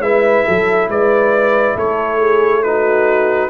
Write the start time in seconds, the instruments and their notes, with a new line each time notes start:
0.00 tuba G#3, trombone E4, horn B4, trumpet E5
0.46 tuba F#3, horn A4
0.88 tuba G#3, horn B4, trumpet D5
1.75 tuba A3, horn A4, trumpet C#5
2.18 horn G#4
2.63 trombone D#4, horn F#4, trumpet B4